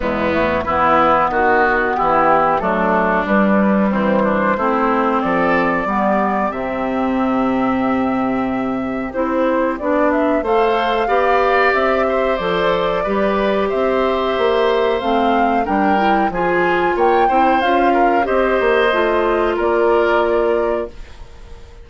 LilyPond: <<
  \new Staff \with { instrumentName = "flute" } { \time 4/4 \tempo 4 = 92 e'4 b'4 fis'4 g'4 | a'4 b'4 c''2 | d''2 e''2~ | e''2 c''4 d''8 e''8 |
f''2 e''4 d''4~ | d''4 e''2 f''4 | g''4 gis''4 g''4 f''4 | dis''2 d''2 | }
  \new Staff \with { instrumentName = "oboe" } { \time 4/4 b4 e'4 fis'4 e'4 | d'2 c'8 d'8 e'4 | a'4 g'2.~ | g'1 |
c''4 d''4. c''4. | b'4 c''2. | ais'4 gis'4 cis''8 c''4 ais'8 | c''2 ais'2 | }
  \new Staff \with { instrumentName = "clarinet" } { \time 4/4 gis8 a8 b2. | a4 g2 c'4~ | c'4 b4 c'2~ | c'2 e'4 d'4 |
a'4 g'2 a'4 | g'2. c'4 | d'8 e'8 f'4. e'8 f'4 | g'4 f'2. | }
  \new Staff \with { instrumentName = "bassoon" } { \time 4/4 e,4 e4 dis4 e4 | fis4 g4 e4 a4 | f4 g4 c2~ | c2 c'4 b4 |
a4 b4 c'4 f4 | g4 c'4 ais4 a4 | g4 f4 ais8 c'8 cis'4 | c'8 ais8 a4 ais2 | }
>>